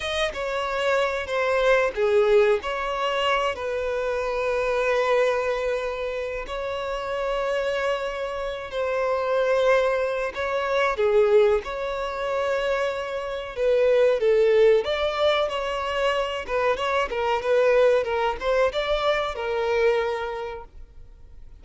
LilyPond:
\new Staff \with { instrumentName = "violin" } { \time 4/4 \tempo 4 = 93 dis''8 cis''4. c''4 gis'4 | cis''4. b'2~ b'8~ | b'2 cis''2~ | cis''4. c''2~ c''8 |
cis''4 gis'4 cis''2~ | cis''4 b'4 a'4 d''4 | cis''4. b'8 cis''8 ais'8 b'4 | ais'8 c''8 d''4 ais'2 | }